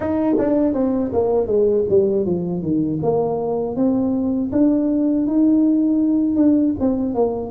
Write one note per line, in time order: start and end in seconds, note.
0.00 0.35 D#4
0.38 0.73 D4
0.73 1.11 C4
1.12 1.46 A#3
1.46 1.84 G#3
1.89 2.25 G3
2.25 2.61 F3
2.61 2.99 D#3
3.02 3.76 A#3
3.76 4.51 C4
4.52 5.26 D4
5.26 6.36 D#4
6.36 6.73 D4
6.80 7.14 C4
7.14 7.50 A#3